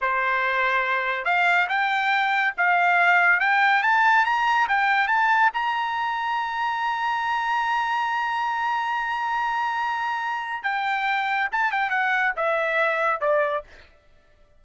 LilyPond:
\new Staff \with { instrumentName = "trumpet" } { \time 4/4 \tempo 4 = 141 c''2. f''4 | g''2 f''2 | g''4 a''4 ais''4 g''4 | a''4 ais''2.~ |
ais''1~ | ais''1~ | ais''4 g''2 a''8 g''8 | fis''4 e''2 d''4 | }